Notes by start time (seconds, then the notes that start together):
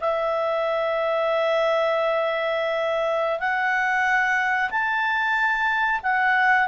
0.00 E5
3.39 F#5
4.70 A5
6.02 F#5